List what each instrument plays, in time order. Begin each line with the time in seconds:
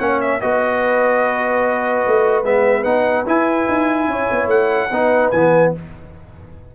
0.00 tuba A#3, trombone C#4, horn C#5, trumpet F#5
0.21 trumpet E5
0.41 tuba B3, trombone F#4, horn B4, trumpet D#5
2.07 tuba A3
2.44 tuba G#3, trombone B3, trumpet E5
2.84 tuba B3, trombone D#4, trumpet F#5
3.27 trombone E4, tuba E4, trumpet G#5
3.69 tuba D#4
4.08 tuba C#4, horn C#5
4.32 tuba B3
4.47 tuba A3, trumpet F#5
4.91 tuba B3, trombone D#4, horn B4
5.31 tuba E3, trombone B3, trumpet G#5